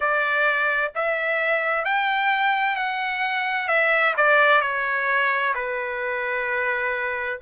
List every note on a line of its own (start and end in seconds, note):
0.00 0.92 D5
0.95 1.84 E5
1.84 2.76 G5
2.76 3.68 F#5
3.68 4.14 E5
4.16 4.61 D5
4.61 5.53 C#5
5.54 7.39 B4